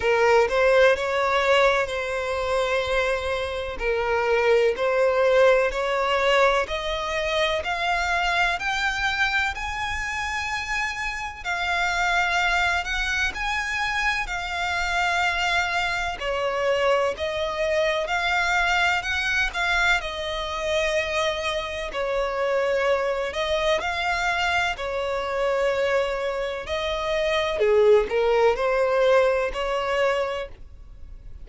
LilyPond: \new Staff \with { instrumentName = "violin" } { \time 4/4 \tempo 4 = 63 ais'8 c''8 cis''4 c''2 | ais'4 c''4 cis''4 dis''4 | f''4 g''4 gis''2 | f''4. fis''8 gis''4 f''4~ |
f''4 cis''4 dis''4 f''4 | fis''8 f''8 dis''2 cis''4~ | cis''8 dis''8 f''4 cis''2 | dis''4 gis'8 ais'8 c''4 cis''4 | }